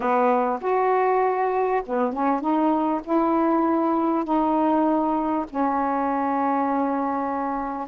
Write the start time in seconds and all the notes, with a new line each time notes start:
0.00 B3
0.61 F#4
1.85 B3
2.12 C#4
2.40 D#4
3.04 E4
4.24 D#4
5.49 C#4